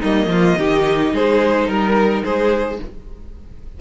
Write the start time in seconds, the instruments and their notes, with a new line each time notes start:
0.00 cello G3, viola A#3, violin D#4 D#5
0.27 cello F3, violin F4
0.58 cello D#3, viola D#4, violin G4
1.12 cello G#3, violin G#4 C5
1.68 cello G3, violin A#4
2.23 cello G#3, violin G#4 C5